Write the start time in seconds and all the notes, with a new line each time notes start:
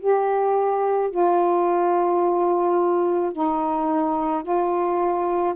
0.00 G4
1.11 F4
3.33 D#4
4.43 F4